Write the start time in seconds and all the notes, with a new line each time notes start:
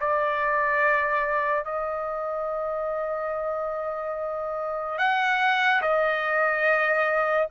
0.00 D5
1.64 D#5
4.98 F#5
5.81 D#5